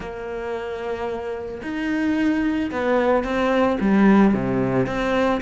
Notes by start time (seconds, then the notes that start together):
0.00 A#3
1.62 D#4
2.71 B3
3.23 C4
3.80 G3
4.34 C3
4.86 C4